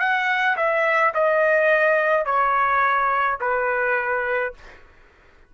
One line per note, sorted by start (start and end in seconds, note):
0.00 0.57 F#5
0.57 1.14 E5
1.15 2.26 D#5
2.26 3.39 C#5
3.41 4.54 B4